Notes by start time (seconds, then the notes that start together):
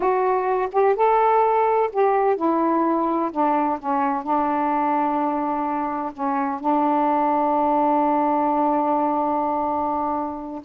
0.00 F#4
0.72 G4
0.95 A4
1.92 G4
2.36 E4
3.31 D4
3.79 C#4
4.23 D4
6.13 C#4
6.59 D4